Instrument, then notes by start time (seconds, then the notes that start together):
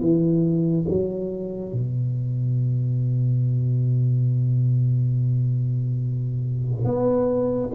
tuba
0.00 E3
0.88 F#3
1.72 B2
6.84 B3